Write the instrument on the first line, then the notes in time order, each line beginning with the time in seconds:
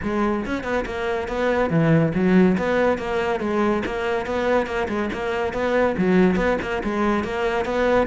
cello
0.02 G#3
0.45 C#4
0.63 B3
0.85 A#3
1.28 B3
1.69 E3
2.14 F#3
2.57 B3
2.98 A#3
3.40 G#3
3.85 A#3
4.26 B3
4.66 A#3
4.88 G#3
5.12 A#3
5.53 B3
5.97 F#3
6.36 B3
6.61 A#3
6.83 G#3
7.24 A#3
7.65 B3